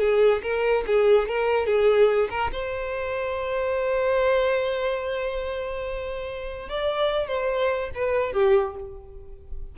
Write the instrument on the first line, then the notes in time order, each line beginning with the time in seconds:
violin
0.00 G#4
0.42 A#4
0.87 G#4
1.28 A#4
1.66 G#4
2.30 A#4
2.52 C5
6.69 D5
7.28 C5
7.95 B4
8.33 G4